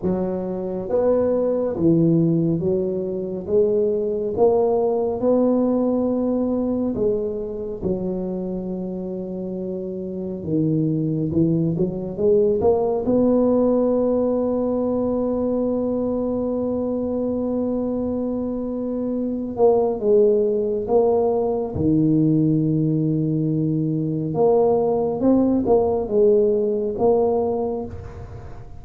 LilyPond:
\new Staff \with { instrumentName = "tuba" } { \time 4/4 \tempo 4 = 69 fis4 b4 e4 fis4 | gis4 ais4 b2 | gis4 fis2. | dis4 e8 fis8 gis8 ais8 b4~ |
b1~ | b2~ b8 ais8 gis4 | ais4 dis2. | ais4 c'8 ais8 gis4 ais4 | }